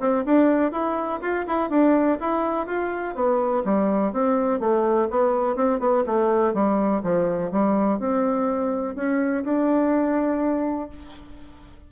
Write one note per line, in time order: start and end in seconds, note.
0.00 0.24 C4
0.26 0.72 D4
0.72 1.20 E4
1.21 1.45 F4
1.47 1.70 E4
1.70 2.18 D4
2.20 2.67 E4
2.67 3.15 F4
3.15 3.64 B3
3.65 4.13 G3
4.13 4.60 C4
4.60 5.08 A3
5.10 5.56 B3
5.56 5.80 C4
5.80 6.04 B3
6.07 6.54 A3
6.54 7.02 G3
7.03 7.52 F3
7.52 8.00 G3
8.00 8.96 C4
8.96 9.44 C#4
9.44 10.90 D4